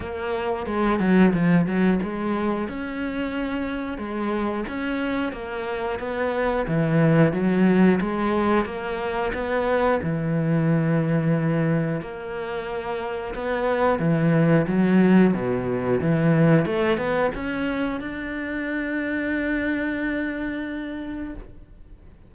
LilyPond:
\new Staff \with { instrumentName = "cello" } { \time 4/4 \tempo 4 = 90 ais4 gis8 fis8 f8 fis8 gis4 | cis'2 gis4 cis'4 | ais4 b4 e4 fis4 | gis4 ais4 b4 e4~ |
e2 ais2 | b4 e4 fis4 b,4 | e4 a8 b8 cis'4 d'4~ | d'1 | }